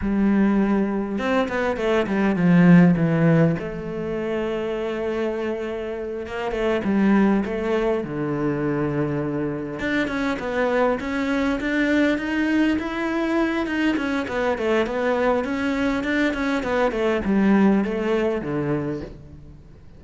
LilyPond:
\new Staff \with { instrumentName = "cello" } { \time 4/4 \tempo 4 = 101 g2 c'8 b8 a8 g8 | f4 e4 a2~ | a2~ a8 ais8 a8 g8~ | g8 a4 d2~ d8~ |
d8 d'8 cis'8 b4 cis'4 d'8~ | d'8 dis'4 e'4. dis'8 cis'8 | b8 a8 b4 cis'4 d'8 cis'8 | b8 a8 g4 a4 d4 | }